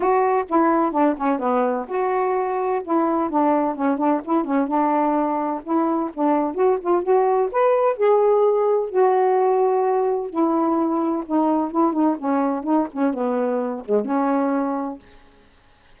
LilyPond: \new Staff \with { instrumentName = "saxophone" } { \time 4/4 \tempo 4 = 128 fis'4 e'4 d'8 cis'8 b4 | fis'2 e'4 d'4 | cis'8 d'8 e'8 cis'8 d'2 | e'4 d'4 fis'8 f'8 fis'4 |
b'4 gis'2 fis'4~ | fis'2 e'2 | dis'4 e'8 dis'8 cis'4 dis'8 cis'8 | b4. gis8 cis'2 | }